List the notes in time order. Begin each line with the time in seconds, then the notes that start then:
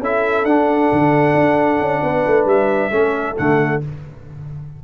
0.00 C#4 E4 A4 E5
0.44 D4 F#5
0.92 D3
1.35 D4
1.80 C#4
2.03 B3 B4
2.27 A3
2.45 G3 E5
2.91 A3 C#4 A4
3.36 D3 A3 F#5